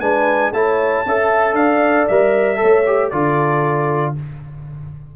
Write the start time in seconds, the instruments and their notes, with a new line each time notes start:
0.00 tuba G#3, trombone D4, horn B4, trumpet G#5
0.53 tuba A3, trombone E4, horn C#5, trumpet A5
1.06 tuba C#4, trombone A4, horn E5
1.53 tuba D4, horn D5, trumpet F5
2.08 tuba G3, trombone A#4, trumpet E5
2.56 trombone A4, horn C#5
2.63 tuba A3
2.87 trombone G4
3.10 tuba D3, trombone F4, horn A4, trumpet D5